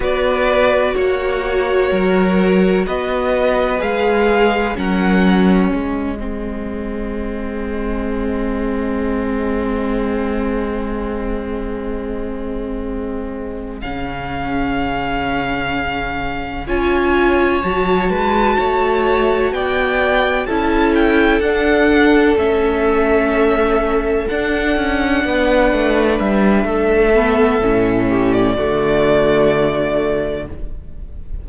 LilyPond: <<
  \new Staff \with { instrumentName = "violin" } { \time 4/4 \tempo 4 = 63 d''4 cis''2 dis''4 | f''4 fis''4 dis''2~ | dis''1~ | dis''2~ dis''8 f''4.~ |
f''4. gis''4 a''4.~ | a''8 g''4 a''8 g''8 fis''4 e''8~ | e''4. fis''2 e''8~ | e''4.~ e''16 d''2~ d''16 | }
  \new Staff \with { instrumentName = "violin" } { \time 4/4 b'4 fis'4 ais'4 b'4~ | b'4 ais'4 gis'2~ | gis'1~ | gis'1~ |
gis'4. cis''4. b'8 cis''8~ | cis''8 d''4 a'2~ a'8~ | a'2~ a'8 b'4. | a'4. g'8 fis'2 | }
  \new Staff \with { instrumentName = "viola" } { \time 4/4 fis'1 | gis'4 cis'4. c'4.~ | c'1~ | c'2~ c'8 cis'4.~ |
cis'4. f'4 fis'4.~ | fis'4. e'4 d'4 cis'8~ | cis'4. d'2~ d'8~ | d'8 b8 cis'4 a2 | }
  \new Staff \with { instrumentName = "cello" } { \time 4/4 b4 ais4 fis4 b4 | gis4 fis4 gis2~ | gis1~ | gis2~ gis8 cis4.~ |
cis4. cis'4 fis8 gis8 a8~ | a8 b4 cis'4 d'4 a8~ | a4. d'8 cis'8 b8 a8 g8 | a4 a,4 d2 | }
>>